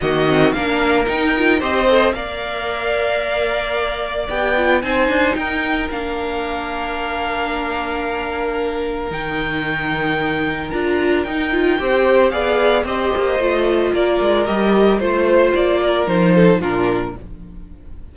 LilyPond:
<<
  \new Staff \with { instrumentName = "violin" } { \time 4/4 \tempo 4 = 112 dis''4 f''4 g''4 dis''4 | f''1 | g''4 gis''4 g''4 f''4~ | f''1~ |
f''4 g''2. | ais''4 g''2 f''4 | dis''2 d''4 dis''4 | c''4 d''4 c''4 ais'4 | }
  \new Staff \with { instrumentName = "violin" } { \time 4/4 fis'4 ais'2 c''4 | d''1~ | d''4 c''4 ais'2~ | ais'1~ |
ais'1~ | ais'2 c''4 d''4 | c''2 ais'2 | c''4. ais'4 a'8 f'4 | }
  \new Staff \with { instrumentName = "viola" } { \time 4/4 ais8 c'8 d'4 dis'8 f'8 g'8 a'8 | ais'1 | g'8 f'8 dis'2 d'4~ | d'1~ |
d'4 dis'2. | f'4 dis'8 f'8 g'4 gis'4 | g'4 f'2 g'4 | f'2 dis'4 d'4 | }
  \new Staff \with { instrumentName = "cello" } { \time 4/4 dis4 ais4 dis'4 c'4 | ais1 | b4 c'8 d'8 dis'4 ais4~ | ais1~ |
ais4 dis2. | d'4 dis'4 c'4 b4 | c'8 ais8 a4 ais8 gis8 g4 | a4 ais4 f4 ais,4 | }
>>